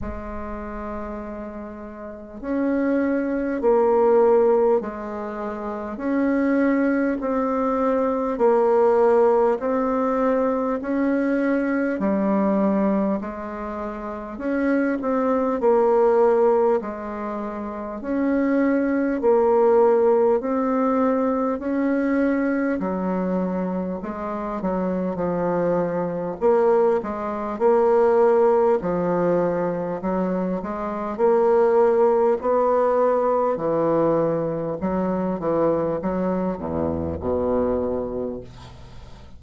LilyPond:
\new Staff \with { instrumentName = "bassoon" } { \time 4/4 \tempo 4 = 50 gis2 cis'4 ais4 | gis4 cis'4 c'4 ais4 | c'4 cis'4 g4 gis4 | cis'8 c'8 ais4 gis4 cis'4 |
ais4 c'4 cis'4 fis4 | gis8 fis8 f4 ais8 gis8 ais4 | f4 fis8 gis8 ais4 b4 | e4 fis8 e8 fis8 e,8 b,4 | }